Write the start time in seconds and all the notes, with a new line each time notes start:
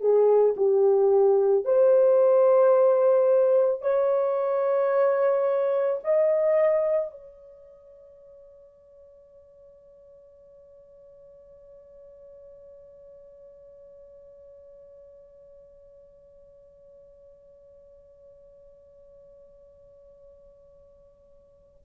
0.00 G#4
0.57 G4
1.65 C5
3.81 C#5
6.04 D#5
7.11 C#5